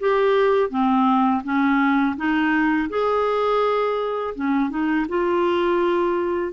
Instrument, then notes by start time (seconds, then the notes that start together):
clarinet
0.00 G4
0.70 C4
1.44 C#4
2.17 D#4
2.89 G#4
4.35 C#4
4.70 D#4
5.09 F4